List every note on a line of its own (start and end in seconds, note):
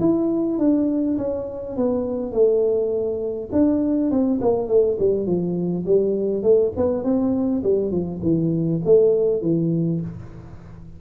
0.00 0.59 E4
0.59 1.18 D4
1.18 1.76 C#4
1.76 2.32 B3
2.32 3.50 A3
3.52 4.11 D4
4.11 4.40 C4
4.41 4.68 A#3
4.68 4.98 A3
4.99 5.26 G3
5.26 5.85 F3
5.86 6.43 G3
6.43 6.72 A3
6.76 7.04 B3
7.04 7.63 C4
7.63 7.91 G3
7.91 8.21 F3
8.22 8.81 E3
8.85 9.42 A3
9.42 10.01 E3